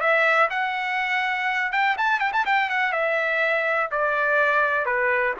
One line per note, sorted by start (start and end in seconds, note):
0.00 0.49 E5
0.50 1.71 F#5
1.71 1.96 G5
1.97 2.19 A5
2.19 2.31 G5
2.32 2.45 A5
2.45 2.69 G5
2.69 2.92 F#5
2.92 3.90 E5
3.91 4.85 D5
4.85 5.34 B4